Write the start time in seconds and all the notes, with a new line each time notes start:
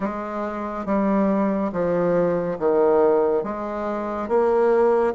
0.00 G#3
0.85 G3
1.72 F3
2.59 D#3
3.43 G#3
4.28 A#3